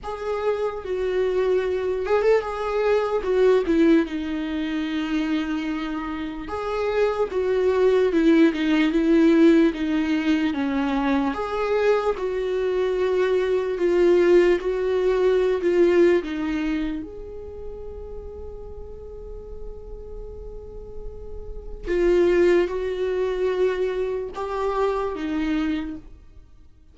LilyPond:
\new Staff \with { instrumentName = "viola" } { \time 4/4 \tempo 4 = 74 gis'4 fis'4. gis'16 a'16 gis'4 | fis'8 e'8 dis'2. | gis'4 fis'4 e'8 dis'8 e'4 | dis'4 cis'4 gis'4 fis'4~ |
fis'4 f'4 fis'4~ fis'16 f'8. | dis'4 gis'2.~ | gis'2. f'4 | fis'2 g'4 dis'4 | }